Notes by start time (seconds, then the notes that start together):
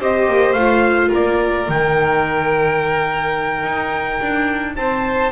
0.00 C4 G4 C5 D#5
0.28 A#3
0.53 A3 F4 F5
1.08 A#3 A#4
1.15 D5
1.69 D#3 D#4 G5
3.64 D#4
4.21 D4
4.76 C4 C5 A5